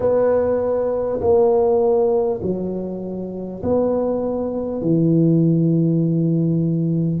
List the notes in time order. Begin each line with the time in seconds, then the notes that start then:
0.00 B3
1.20 A#3
2.42 F#3
3.62 B3
4.81 E3